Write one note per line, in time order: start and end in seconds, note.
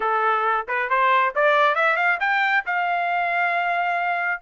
0.00 0.66 A4
0.68 0.89 B4
0.89 1.33 C5
1.35 1.75 D5
1.75 1.96 E5
1.96 2.18 F5
2.20 2.64 G5
2.66 4.41 F5